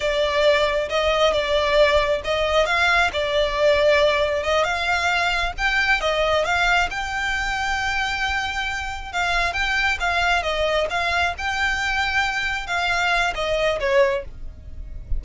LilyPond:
\new Staff \with { instrumentName = "violin" } { \time 4/4 \tempo 4 = 135 d''2 dis''4 d''4~ | d''4 dis''4 f''4 d''4~ | d''2 dis''8 f''4.~ | f''8 g''4 dis''4 f''4 g''8~ |
g''1~ | g''8 f''4 g''4 f''4 dis''8~ | dis''8 f''4 g''2~ g''8~ | g''8 f''4. dis''4 cis''4 | }